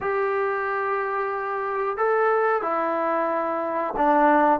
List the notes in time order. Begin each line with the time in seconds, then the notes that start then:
0.00 G4
1.97 A4
2.62 E4
3.97 D4